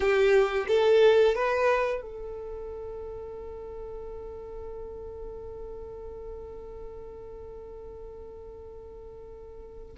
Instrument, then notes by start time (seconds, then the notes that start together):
violin
0.00 G4
0.67 A4
1.35 B4
2.01 A4